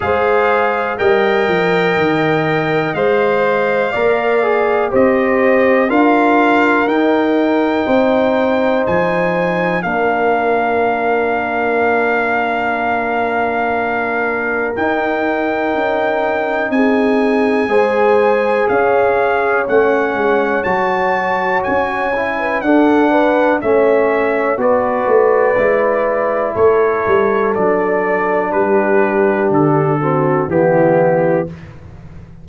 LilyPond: <<
  \new Staff \with { instrumentName = "trumpet" } { \time 4/4 \tempo 4 = 61 f''4 g''2 f''4~ | f''4 dis''4 f''4 g''4~ | g''4 gis''4 f''2~ | f''2. g''4~ |
g''4 gis''2 f''4 | fis''4 a''4 gis''4 fis''4 | e''4 d''2 cis''4 | d''4 b'4 a'4 g'4 | }
  \new Staff \with { instrumentName = "horn" } { \time 4/4 c''4 dis''2. | d''4 c''4 ais'2 | c''2 ais'2~ | ais'1~ |
ais'4 gis'4 c''4 cis''4~ | cis''2~ cis''8. b'16 a'8 b'8 | cis''4 b'2 a'4~ | a'4 g'4. fis'8 e'4 | }
  \new Staff \with { instrumentName = "trombone" } { \time 4/4 gis'4 ais'2 c''4 | ais'8 gis'8 g'4 f'4 dis'4~ | dis'2 d'2~ | d'2. dis'4~ |
dis'2 gis'2 | cis'4 fis'4. e'8 d'4 | cis'4 fis'4 e'2 | d'2~ d'8 c'8 b4 | }
  \new Staff \with { instrumentName = "tuba" } { \time 4/4 gis4 g8 f8 dis4 gis4 | ais4 c'4 d'4 dis'4 | c'4 f4 ais2~ | ais2. dis'4 |
cis'4 c'4 gis4 cis'4 | a8 gis8 fis4 cis'4 d'4 | a4 b8 a8 gis4 a8 g8 | fis4 g4 d4 e4 | }
>>